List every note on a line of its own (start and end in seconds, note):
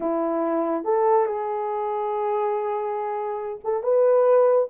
0.00 0.84 E4
0.84 1.26 A4
1.26 3.60 G#4
3.63 3.83 A4
3.83 4.68 B4